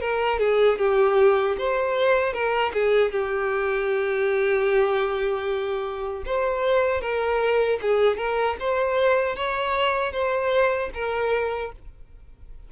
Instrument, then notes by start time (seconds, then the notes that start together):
violin
0.00 A#4
0.39 G#4
0.78 G4
1.58 C5
2.33 A#4
2.73 G#4
3.11 G4
6.25 C5
7.01 A#4
7.81 G#4
8.17 A#4
8.59 C5
9.36 C#5
10.12 C5
10.94 A#4